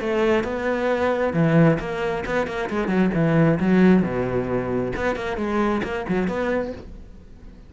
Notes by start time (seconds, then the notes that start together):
0.00 A3
0.44 B3
1.33 E3
1.80 A#3
2.26 B3
2.47 A#3
2.70 G#3
2.88 F#3
3.14 E3
3.60 F#3
4.03 B2
4.96 B3
5.16 A#3
5.37 G#3
5.84 A#3
6.09 F#3
6.28 B3